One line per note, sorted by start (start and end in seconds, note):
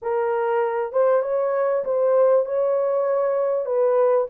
0.02 0.92 A#4
0.92 1.22 C5
1.22 1.83 C#5
1.84 2.45 C5
2.45 3.65 C#5
3.65 4.26 B4